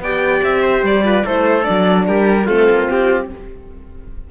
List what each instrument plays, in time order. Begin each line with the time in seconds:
0.00 cello B3, horn G4, trumpet D5, violin G5
0.43 cello C4, violin E5
0.63 trumpet C5
0.83 cello G3, violin D5
1.04 horn F4, trumpet B4
1.25 cello A3, horn E4, trumpet A4, violin C5
1.62 horn D4, violin D5
1.70 cello F#3
2.07 cello G3, trumpet G4, violin A#4
2.46 cello A3, horn C4, trumpet F4, violin A4
2.70 cello A#3
2.89 cello C4, violin G4